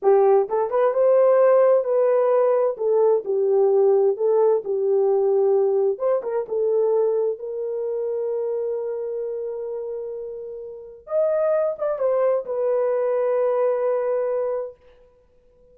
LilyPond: \new Staff \with { instrumentName = "horn" } { \time 4/4 \tempo 4 = 130 g'4 a'8 b'8 c''2 | b'2 a'4 g'4~ | g'4 a'4 g'2~ | g'4 c''8 ais'8 a'2 |
ais'1~ | ais'1 | dis''4. d''8 c''4 b'4~ | b'1 | }